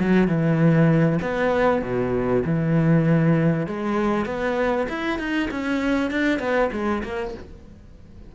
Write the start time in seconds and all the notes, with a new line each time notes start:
0.00 F#3
0.28 E3
1.22 B3
1.82 B2
2.45 E3
3.67 G#3
4.26 B3
4.89 E4
5.19 D#4
5.51 C#4
6.11 D4
6.40 B3
6.73 G#3
7.04 A#3